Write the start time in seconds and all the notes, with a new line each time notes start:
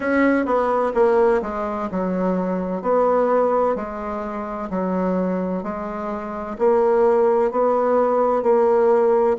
0.00 C#4
0.45 B3
0.94 A#3
1.42 G#3
1.91 F#3
2.81 B3
3.75 G#3
4.70 F#3
5.62 G#3
6.58 A#3
7.51 B3
8.42 A#3